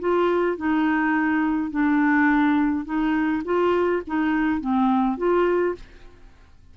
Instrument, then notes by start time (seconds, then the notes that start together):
clarinet
0.00 F4
0.57 D#4
1.71 D4
2.85 D#4
3.45 F4
4.07 D#4
4.61 C4
5.17 F4